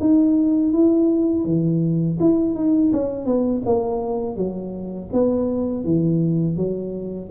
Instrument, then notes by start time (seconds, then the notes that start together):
tuba
0.00 D#4
0.73 E4
1.45 E3
2.20 E4
2.55 D#4
2.93 C#4
3.26 B3
3.66 A#3
4.36 F#3
5.13 B3
5.84 E3
6.57 F#3